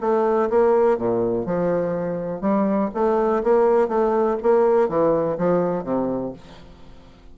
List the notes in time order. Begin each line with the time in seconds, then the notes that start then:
0.00 A3
0.49 A#3
0.97 A#2
1.45 F3
2.41 G3
2.94 A3
3.43 A#3
3.88 A3
4.42 A#3
4.88 E3
5.37 F3
5.83 C3